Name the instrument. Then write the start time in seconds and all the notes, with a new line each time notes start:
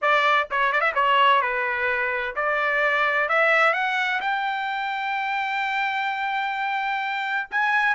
trumpet
0.01 D5
0.50 C#5
0.72 D5
0.80 E5
0.95 C#5
1.41 B4
2.35 D5
3.29 E5
3.73 F#5
4.20 G5
7.50 G#5